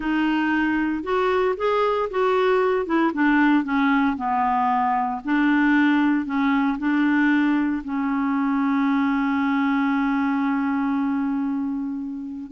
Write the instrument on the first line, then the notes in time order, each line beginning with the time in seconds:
clarinet
0.00 D#4
1.03 F#4
1.57 G#4
2.10 F#4
2.86 E4
3.13 D4
3.64 C#4
4.16 B3
5.24 D4
6.25 C#4
6.78 D4
7.84 C#4